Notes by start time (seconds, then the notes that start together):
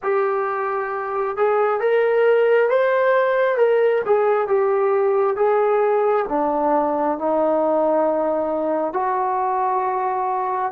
0.02 G4
1.36 G#4
1.80 A#4
2.69 C5
3.57 A#4
4.05 G#4
4.47 G4
5.36 G#4
6.28 D4
7.18 D#4
8.93 F#4